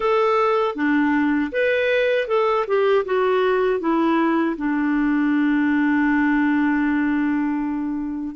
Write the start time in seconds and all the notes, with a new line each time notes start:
0.00 A4
0.75 D4
1.52 B4
2.27 A4
2.67 G4
3.05 F#4
3.80 E4
4.56 D4